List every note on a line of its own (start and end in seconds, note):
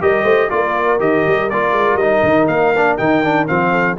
0.00 0.23 G3
0.00 0.49 G4
0.00 0.23 A#4
0.00 0.49 D#5
0.23 0.48 A3
0.23 0.48 C5
0.49 0.99 A#3
0.49 0.98 F4
0.49 3.70 A#4
0.49 0.99 D5
0.98 1.24 D#3
0.98 1.48 G4
0.98 1.49 D#5
1.27 1.51 G3
1.49 1.72 A#3
1.49 2.00 F4
1.49 1.97 D5
1.72 1.94 G#3
1.94 2.19 G3
1.94 2.74 D#4
1.94 2.46 D#5
2.22 2.47 D#3
2.47 2.97 A#3
2.47 2.97 F5
2.76 2.99 D4
2.97 3.48 D#3
2.97 3.23 D#4
2.97 3.47 G5
3.23 3.47 D4
3.47 3.98 F3
3.47 3.96 C4
3.47 3.97 F5
3.70 3.95 A4